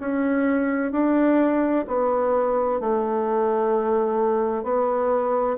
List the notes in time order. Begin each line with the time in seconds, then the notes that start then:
0.00 C#4
0.92 D4
1.87 B3
2.80 A3
4.64 B3